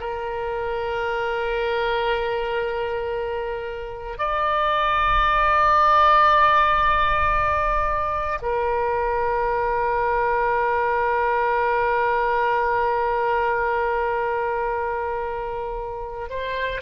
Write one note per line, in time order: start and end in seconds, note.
0.00 4.18 A#4
4.18 8.39 D5
8.42 16.29 A#4
16.29 16.82 C5